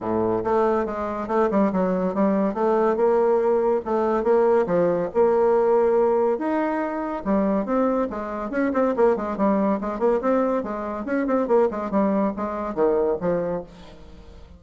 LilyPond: \new Staff \with { instrumentName = "bassoon" } { \time 4/4 \tempo 4 = 141 a,4 a4 gis4 a8 g8 | fis4 g4 a4 ais4~ | ais4 a4 ais4 f4 | ais2. dis'4~ |
dis'4 g4 c'4 gis4 | cis'8 c'8 ais8 gis8 g4 gis8 ais8 | c'4 gis4 cis'8 c'8 ais8 gis8 | g4 gis4 dis4 f4 | }